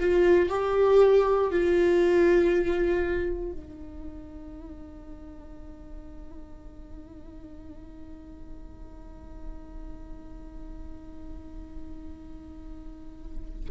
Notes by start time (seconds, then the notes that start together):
0.00 F4
0.49 G4
1.51 F4
3.52 D#4